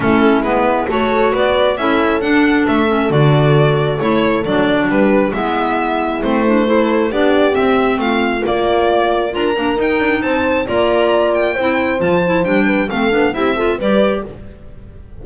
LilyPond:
<<
  \new Staff \with { instrumentName = "violin" } { \time 4/4 \tempo 4 = 135 a'4 b'4 cis''4 d''4 | e''4 fis''4 e''4 d''4~ | d''4 cis''4 d''4 b'4 | e''2 c''2 |
d''4 e''4 f''4 d''4~ | d''4 ais''4 g''4 a''4 | ais''4. g''4. a''4 | g''4 f''4 e''4 d''4 | }
  \new Staff \with { instrumentName = "horn" } { \time 4/4 e'2 a'4 b'4 | a'1~ | a'2. g'4 | e'2. a'4 |
g'2 f'2~ | f'4 ais'2 c''4 | d''2 c''2~ | c''8 b'8 a'4 g'8 a'8 b'4 | }
  \new Staff \with { instrumentName = "clarinet" } { \time 4/4 cis'4 b4 fis'2 | e'4 d'4. cis'8 fis'4~ | fis'4 e'4 d'2 | b2 c'8 d'8 e'4 |
d'4 c'2 ais4~ | ais4 f'8 d'8 dis'2 | f'2 e'4 f'8 e'8 | d'4 c'8 d'8 e'8 f'8 g'4 | }
  \new Staff \with { instrumentName = "double bass" } { \time 4/4 a4 gis4 a4 b4 | cis'4 d'4 a4 d4~ | d4 a4 fis4 g4 | gis2 a2 |
b4 c'4 a4 ais4~ | ais4 d'8 ais8 dis'8 d'8 c'4 | ais2 c'4 f4 | g4 a8 b8 c'4 g4 | }
>>